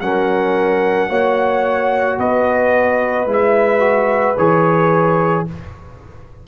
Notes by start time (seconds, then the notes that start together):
0.00 F#3 C#4 A#4 F#5
1.08 A#3 F#4 C#5
2.18 B3 B4 D#5
3.25 G#3 E4
3.32 E5
3.79 F#4
4.37 E3 G#4 C#5